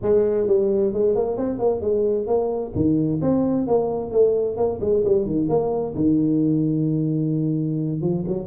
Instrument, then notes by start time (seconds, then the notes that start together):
tuba
0.01 G#3
0.47 G3
0.93 G#3
1.15 A#3
1.37 C4
1.58 A#3
1.80 G#3
2.27 A#3
2.75 D#3
3.21 C4
3.67 A#3
4.11 A3
4.56 A#3
4.80 G#3
5.04 G3
5.26 D#3
5.48 A#3
5.95 D#3
8.01 F3
8.27 F#3